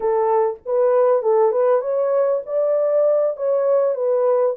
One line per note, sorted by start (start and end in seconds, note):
0.00 0.57 A4
0.65 1.22 B4
1.22 1.51 A4
1.51 1.81 B4
1.81 2.41 C#5
2.46 3.36 D5
3.36 3.94 C#5
3.94 4.55 B4